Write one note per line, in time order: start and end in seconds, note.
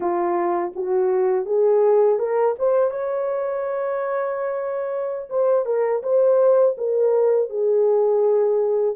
0.00 0.73 F4
0.75 1.45 F#4
1.45 2.18 G#4
2.18 2.55 A#4
2.58 2.90 C5
2.90 5.28 C#5
5.29 5.65 C5
5.65 6.02 A#4
6.03 6.76 C5
6.77 7.49 A#4
7.49 8.96 G#4